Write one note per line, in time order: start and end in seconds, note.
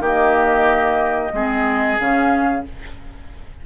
0.00 1.30 D#3
0.00 1.33 A#3
0.00 1.32 G4
0.00 1.99 D#5
1.33 1.98 G#3
1.33 1.99 C4
1.33 2.66 G#4
1.99 2.66 C#3
1.99 2.64 C#4
1.99 2.65 F5